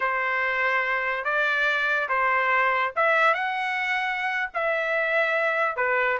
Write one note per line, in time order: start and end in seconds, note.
0.00 1.24 C5
1.24 2.08 D5
2.09 2.93 C5
2.96 3.34 E5
3.34 4.49 F#5
4.53 5.76 E5
5.76 6.18 B4